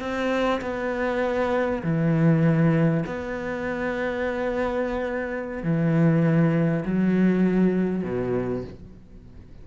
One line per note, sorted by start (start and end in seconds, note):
0.00 0.61 C4
0.61 1.83 B3
1.83 3.05 E3
3.06 5.63 B3
5.63 6.85 E3
6.85 8.04 F#3
8.04 8.64 B2